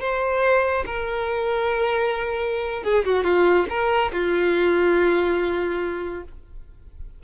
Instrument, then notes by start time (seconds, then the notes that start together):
violin
0.00 C5
0.86 A#4
2.83 G#4
3.05 F#4
3.24 F4
3.69 A#4
4.12 F4